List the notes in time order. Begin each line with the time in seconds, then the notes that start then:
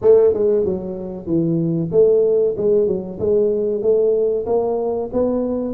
0.01 A3
0.33 G#3
0.64 F#3
1.26 E3
1.91 A3
2.57 G#3
2.87 F#3
3.19 G#3
3.82 A3
4.46 A#3
5.12 B3